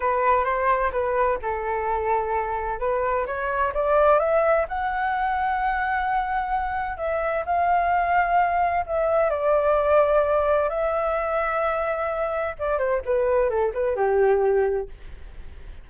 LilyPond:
\new Staff \with { instrumentName = "flute" } { \time 4/4 \tempo 4 = 129 b'4 c''4 b'4 a'4~ | a'2 b'4 cis''4 | d''4 e''4 fis''2~ | fis''2. e''4 |
f''2. e''4 | d''2. e''4~ | e''2. d''8 c''8 | b'4 a'8 b'8 g'2 | }